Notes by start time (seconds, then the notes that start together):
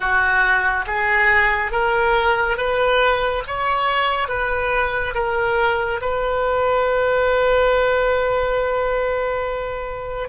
0.00 F#4
0.86 G#4
1.71 A#4
2.57 B4
3.47 C#5
4.28 B4
5.14 A#4
6.01 B4